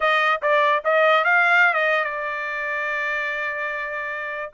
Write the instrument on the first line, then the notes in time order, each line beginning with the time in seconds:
trumpet
0.00 D#5
0.41 D5
0.84 D#5
1.24 F5
1.73 D#5
2.04 D5